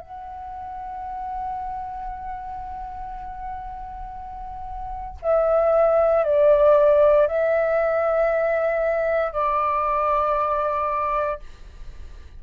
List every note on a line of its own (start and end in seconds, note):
0.00 5.17 F#5
5.22 6.24 E5
6.24 7.27 D5
7.27 9.32 E5
9.32 11.39 D5